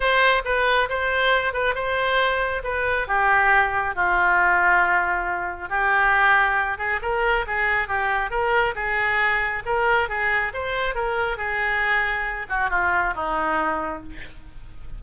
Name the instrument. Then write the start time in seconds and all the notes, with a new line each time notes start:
oboe
0.00 C5
0.44 B4
0.89 C5
1.53 B4
1.74 C5
2.63 B4
3.07 G4
3.95 F4
5.69 G4
6.78 G#4
7.02 A#4
7.47 G#4
7.88 G4
8.30 A#4
8.75 G#4
9.65 A#4
10.08 G#4
10.53 C5
10.94 A#4
11.37 G#4
12.49 F#4
12.70 F4
13.15 D#4